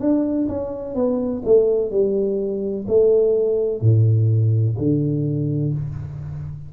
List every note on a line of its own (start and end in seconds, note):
0.00 0.48 D4
0.48 0.95 C#4
0.95 1.43 B3
1.45 1.91 A3
1.91 2.87 G3
2.88 3.82 A3
3.82 4.77 A2
4.78 5.74 D3